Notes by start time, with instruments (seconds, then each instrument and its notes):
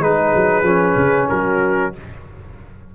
0.00 tuba G#3, trombone D#4, horn G#4, trumpet B4
0.35 tuba F#3
0.62 tuba F3, trombone C#4
0.96 tuba C#3
1.28 tuba F#3, horn F#4, trumpet A#4